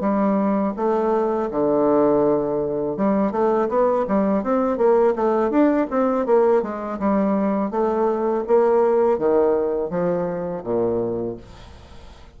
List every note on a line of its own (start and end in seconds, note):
0.00 0.73 G3
0.76 1.49 A3
1.50 2.96 D3
2.96 3.31 G3
3.31 3.68 A3
3.69 4.05 B3
4.07 4.43 G3
4.43 4.77 C4
4.77 5.14 A#3
5.15 5.50 A3
5.50 5.86 D4
5.90 6.26 C4
6.26 6.62 A#3
6.62 6.98 G#3
6.99 7.70 G3
7.70 8.43 A3
8.47 9.18 A#3
9.18 9.89 D#3
9.89 10.63 F3
10.63 11.36 A#2